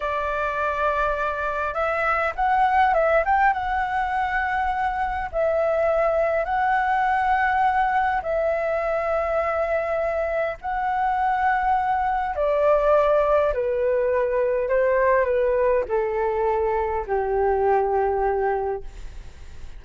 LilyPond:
\new Staff \with { instrumentName = "flute" } { \time 4/4 \tempo 4 = 102 d''2. e''4 | fis''4 e''8 g''8 fis''2~ | fis''4 e''2 fis''4~ | fis''2 e''2~ |
e''2 fis''2~ | fis''4 d''2 b'4~ | b'4 c''4 b'4 a'4~ | a'4 g'2. | }